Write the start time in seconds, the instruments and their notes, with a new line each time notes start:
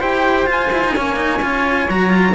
0.00 cello E4 G4, flute C5, trumpet G5
0.46 cello F4, trumpet G#5
0.73 cello E4
0.85 cello D#4
0.95 cello A#3 C#4, flute C#5
1.16 cello D#4
1.41 cello C#4 F4
1.89 cello F#3 F#4, trumpet A#5
2.10 cello F4